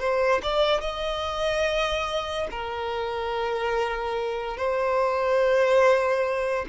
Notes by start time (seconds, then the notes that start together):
0.00 C5
0.43 D5
0.81 D#5
2.51 A#4
4.57 C5